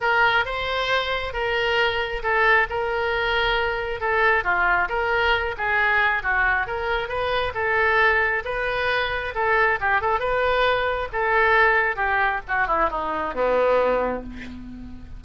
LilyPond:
\new Staff \with { instrumentName = "oboe" } { \time 4/4 \tempo 4 = 135 ais'4 c''2 ais'4~ | ais'4 a'4 ais'2~ | ais'4 a'4 f'4 ais'4~ | ais'8 gis'4. fis'4 ais'4 |
b'4 a'2 b'4~ | b'4 a'4 g'8 a'8 b'4~ | b'4 a'2 g'4 | fis'8 e'8 dis'4 b2 | }